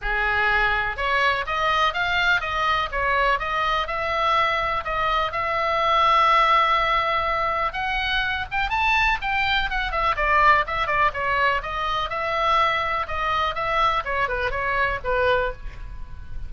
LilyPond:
\new Staff \with { instrumentName = "oboe" } { \time 4/4 \tempo 4 = 124 gis'2 cis''4 dis''4 | f''4 dis''4 cis''4 dis''4 | e''2 dis''4 e''4~ | e''1 |
fis''4. g''8 a''4 g''4 | fis''8 e''8 d''4 e''8 d''8 cis''4 | dis''4 e''2 dis''4 | e''4 cis''8 b'8 cis''4 b'4 | }